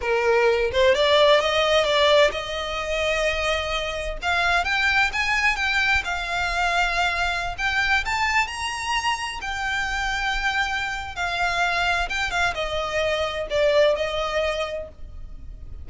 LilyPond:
\new Staff \with { instrumentName = "violin" } { \time 4/4 \tempo 4 = 129 ais'4. c''8 d''4 dis''4 | d''4 dis''2.~ | dis''4 f''4 g''4 gis''4 | g''4 f''2.~ |
f''16 g''4 a''4 ais''4.~ ais''16~ | ais''16 g''2.~ g''8. | f''2 g''8 f''8 dis''4~ | dis''4 d''4 dis''2 | }